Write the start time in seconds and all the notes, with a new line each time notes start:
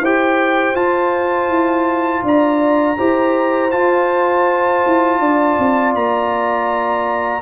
0.00 E4 G4 C5 G5
0.75 F4 A5
1.49 E4
2.23 D4 D5 A#5
2.98 E4 G4 C5
3.71 F4 A5
4.86 E4
5.20 D4 D5
5.58 C4
5.94 A#3 A#5